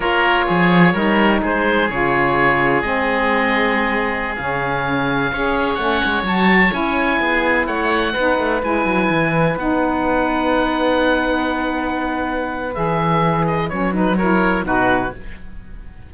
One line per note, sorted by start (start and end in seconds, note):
0.00 0.46 A#3
0.00 0.93 F4
0.00 0.45 A#4
0.00 1.41 C#5
0.46 0.94 F3
0.46 0.93 G#4
0.93 1.41 G3
0.93 1.88 D#4
0.93 1.41 A#4
1.42 1.89 G#3
1.42 5.31 G#4
1.42 1.89 C5
1.89 2.83 C#3
1.89 2.82 F4
1.89 2.82 C#5
2.82 4.37 G#3
2.82 4.36 C4
2.82 4.35 D#5
4.36 5.32 C#3
4.36 5.33 C#4
4.36 5.75 F5
5.32 5.77 C#4
5.32 5.78 G#4
5.32 7.21 C#5
5.75 6.01 A3
5.75 6.26 C#4
5.75 6.22 F#5
6.04 6.23 G#3
6.23 6.70 F#3
6.23 6.70 F#4
6.23 6.73 A5
6.70 7.19 C#4
6.70 8.12 E4
6.70 7.67 G#5
7.19 7.67 B3
7.19 7.67 G#4
7.67 8.14 A3
7.67 8.13 C#5
7.67 8.61 F#5
8.13 8.38 B3
8.13 8.62 D#4
8.13 14.15 B4
8.38 8.62 A3
8.62 8.85 G#3
8.62 9.56 E4
8.62 9.58 G#5
8.85 9.08 F#3
9.09 9.56 E3
9.56 12.75 B3
9.56 12.74 D#4
9.56 12.74 F#5
12.74 13.71 E3
12.74 13.69 G#4
12.74 13.45 E5
13.46 13.69 D#5
13.69 14.63 F#3
13.69 13.93 C#4
13.69 13.92 C#5
13.93 14.17 D#4
13.93 14.17 B4
14.17 14.64 E4
14.17 14.65 A#4
14.17 14.64 C#5
14.63 15.10 B2
14.63 15.11 D#4
14.63 15.13 F#4
14.63 15.13 B4